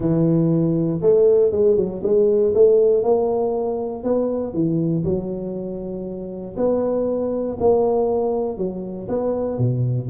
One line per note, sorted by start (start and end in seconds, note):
0.00 1.00 E3
1.01 1.51 A3
1.51 1.76 G#3
1.76 2.02 F#3
2.03 2.53 G#3
2.54 3.03 A3
3.03 4.03 A#3
4.03 4.53 B3
4.53 5.04 E3
5.04 6.55 F#3
6.57 7.57 B3
7.60 8.57 A#3
8.57 9.08 F#3
9.08 9.58 B3
9.58 10.08 B2